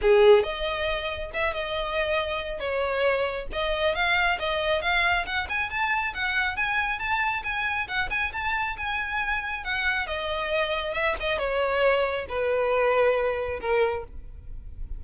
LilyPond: \new Staff \with { instrumentName = "violin" } { \time 4/4 \tempo 4 = 137 gis'4 dis''2 e''8 dis''8~ | dis''2 cis''2 | dis''4 f''4 dis''4 f''4 | fis''8 gis''8 a''4 fis''4 gis''4 |
a''4 gis''4 fis''8 gis''8 a''4 | gis''2 fis''4 dis''4~ | dis''4 e''8 dis''8 cis''2 | b'2. ais'4 | }